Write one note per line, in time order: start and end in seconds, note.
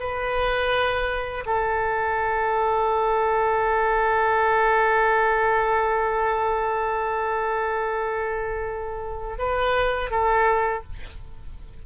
0.00 1.45 B4
1.46 9.38 A4
9.38 10.10 B4
10.10 10.83 A4